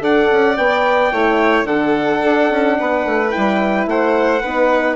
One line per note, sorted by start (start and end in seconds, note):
0.00 0.28 D4
0.00 0.55 A4
0.00 1.12 D5
0.00 0.56 F#5
0.31 0.57 C#4
0.56 1.12 B3
0.56 1.11 B4
0.56 1.66 G5
1.11 1.63 A3
1.11 1.67 E4
1.11 1.67 C#5
1.63 2.18 D3
1.63 2.77 A4
1.63 3.30 F#5
1.69 3.29 D4
2.24 2.50 D4
2.50 2.77 C#4
2.79 3.05 B3
2.79 3.89 B4
3.05 3.32 A3
3.29 4.40 E4
3.29 3.85 G5
3.36 3.86 G3
3.86 4.41 A3
3.86 4.42 C5
3.86 4.96 F#5
4.42 4.96 B3
4.42 4.96 D#4
4.42 4.96 B4